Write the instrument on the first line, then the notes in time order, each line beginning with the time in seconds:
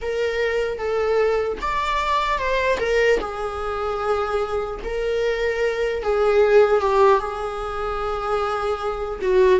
viola
0.01 A#4
0.78 A4
1.61 D5
2.38 C5
2.79 A#4
3.20 G#4
4.84 A#4
6.02 G#4
6.80 G4
7.19 G#4
9.21 F#4